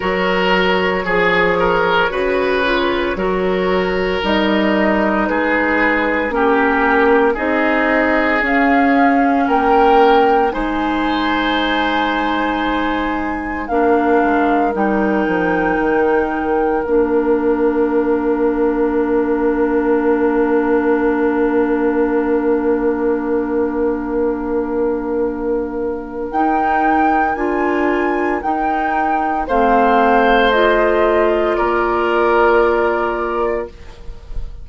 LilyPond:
<<
  \new Staff \with { instrumentName = "flute" } { \time 4/4 \tempo 4 = 57 cis''1 | dis''4 b'4 ais'4 dis''4 | f''4 g''4 gis''2~ | gis''4 f''4 g''2 |
f''1~ | f''1~ | f''4 g''4 gis''4 g''4 | f''4 dis''4 d''2 | }
  \new Staff \with { instrumentName = "oboe" } { \time 4/4 ais'4 gis'8 ais'8 b'4 ais'4~ | ais'4 gis'4 g'4 gis'4~ | gis'4 ais'4 c''2~ | c''4 ais'2.~ |
ais'1~ | ais'1~ | ais'1 | c''2 ais'2 | }
  \new Staff \with { instrumentName = "clarinet" } { \time 4/4 fis'4 gis'4 fis'8 f'8 fis'4 | dis'2 cis'4 dis'4 | cis'2 dis'2~ | dis'4 d'4 dis'2 |
d'1~ | d'1~ | d'4 dis'4 f'4 dis'4 | c'4 f'2. | }
  \new Staff \with { instrumentName = "bassoon" } { \time 4/4 fis4 f4 cis4 fis4 | g4 gis4 ais4 c'4 | cis'4 ais4 gis2~ | gis4 ais8 gis8 g8 f8 dis4 |
ais1~ | ais1~ | ais4 dis'4 d'4 dis'4 | a2 ais2 | }
>>